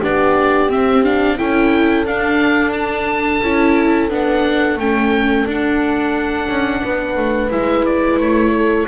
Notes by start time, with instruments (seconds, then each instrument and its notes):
0.00 double bass B3, viola D4, horn G4, oboe D5
0.69 viola C4, double bass C4, oboe E5
1.03 viola D4, oboe F5
1.37 double bass C#4, viola E4, horn A4, oboe G5
2.05 double bass D4, viola D4, oboe F5
2.72 oboe A5
3.43 double bass C#4, viola E4
4.09 double bass B3, viola D4, oboe F#5
4.76 double bass A3, viola C#4, oboe G5
5.46 double bass D4, viola D4, oboe F#5
6.48 double bass C#4
6.84 double bass B3, horn B4
7.17 double bass A3
7.51 double bass G#3, viola E4, oboe E5
7.85 oboe D5
8.17 double bass A3, oboe C#5
8.57 horn A4